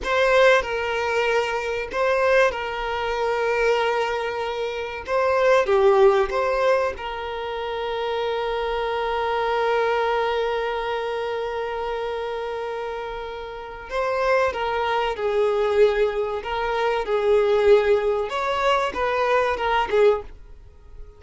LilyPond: \new Staff \with { instrumentName = "violin" } { \time 4/4 \tempo 4 = 95 c''4 ais'2 c''4 | ais'1 | c''4 g'4 c''4 ais'4~ | ais'1~ |
ais'1~ | ais'2 c''4 ais'4 | gis'2 ais'4 gis'4~ | gis'4 cis''4 b'4 ais'8 gis'8 | }